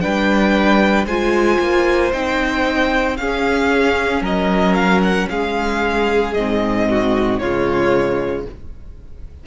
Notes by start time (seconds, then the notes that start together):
0.00 G3 D4 B4 G5
1.05 G#3 F4 C5 G#5
1.59 A#3
2.12 C4 D#4 G5
3.17 C#4 G#4 F5
4.21 F#3 A#4 D#5
4.74 F5
5.02 F#5
5.29 G#3 G#4 F5
6.33 G#2 C4 D#5
6.89 F#4
7.39 C#3 G#3 F4 C#5